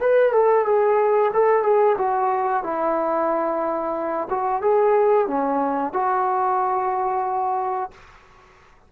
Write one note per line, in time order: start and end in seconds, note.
0.00 0.32 B4
0.32 0.65 A4
0.65 1.31 G#4
1.33 1.63 A4
1.63 1.96 G#4
1.98 2.63 F#4
2.63 4.28 E4
4.29 4.61 F#4
4.61 5.27 G#4
5.27 5.93 C#4
5.93 7.91 F#4